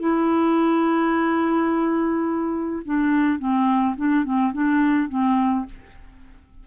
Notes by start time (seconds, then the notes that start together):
0.00 E4
2.85 D4
3.39 C4
3.96 D4
4.25 C4
4.53 D4
5.09 C4